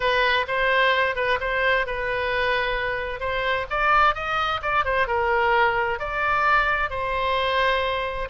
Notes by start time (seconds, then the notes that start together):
0.00 B4
0.47 C5
1.15 B4
1.40 C5
1.86 B4
3.20 C5
3.70 D5
4.14 D#5
4.62 D5
4.85 C5
5.07 A#4
5.99 D5
6.90 C5